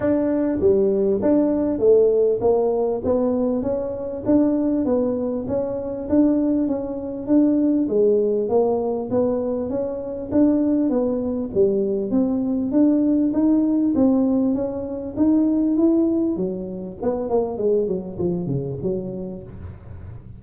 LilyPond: \new Staff \with { instrumentName = "tuba" } { \time 4/4 \tempo 4 = 99 d'4 g4 d'4 a4 | ais4 b4 cis'4 d'4 | b4 cis'4 d'4 cis'4 | d'4 gis4 ais4 b4 |
cis'4 d'4 b4 g4 | c'4 d'4 dis'4 c'4 | cis'4 dis'4 e'4 fis4 | b8 ais8 gis8 fis8 f8 cis8 fis4 | }